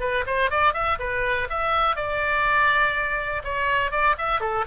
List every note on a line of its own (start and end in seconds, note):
0.00 0.24 B4
0.26 0.51 C5
0.51 0.74 D5
0.74 0.98 E5
0.99 1.48 B4
1.50 1.96 E5
1.96 3.42 D5
3.44 3.91 C#5
3.91 4.16 D5
4.18 4.41 E5
4.41 4.65 A4